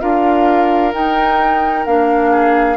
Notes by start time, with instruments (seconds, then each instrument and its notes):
0.00 bassoon D4, clarinet F4, oboe A#4, flute F5
0.92 clarinet D#4, bassoon D#4, flute G5
1.85 bassoon A#3, clarinet D4, flute F5
2.31 oboe G#4